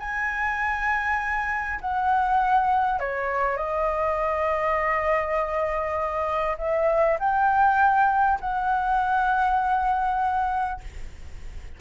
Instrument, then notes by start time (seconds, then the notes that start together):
flute
0.00 G#5
1.81 F#5
3.00 C#5
3.57 D#5
6.58 E5
7.19 G5
8.41 F#5